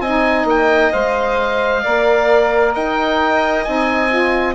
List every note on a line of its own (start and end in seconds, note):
0.00 0.45 C4
0.00 0.92 D#4
0.00 1.83 D#5
0.00 0.46 G#5
0.45 0.90 A#3
0.45 0.92 G5
0.92 1.85 G#3
0.92 1.83 C5
0.92 2.74 F5
1.83 2.76 A#3
1.83 3.66 A#4
1.83 2.74 D5
2.74 3.67 D#4
2.74 4.55 D#5
2.74 3.63 G5
3.63 4.55 C4
3.63 4.09 D#4
3.63 4.54 G#5
4.09 4.55 F4